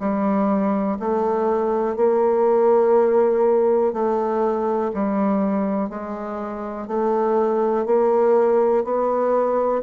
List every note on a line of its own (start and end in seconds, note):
0.00 0.98 G3
1.00 1.97 A3
1.97 3.93 A#3
3.93 4.92 A3
4.94 5.90 G3
5.90 6.88 G#3
6.88 7.86 A3
7.86 8.84 A#3
8.84 9.83 B3